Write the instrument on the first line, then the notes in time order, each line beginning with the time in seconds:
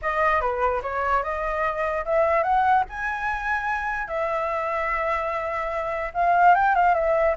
flute
0.01 D#5
0.40 B4
0.82 C#5
1.23 D#5
2.05 E5
2.43 F#5
2.89 G#5
4.07 E5
6.14 F5
6.55 G5
6.75 F5
6.94 E5